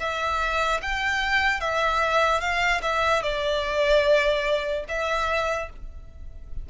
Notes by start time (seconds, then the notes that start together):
0.00 E5
0.82 G5
1.61 E5
2.41 F5
2.82 E5
3.23 D5
4.89 E5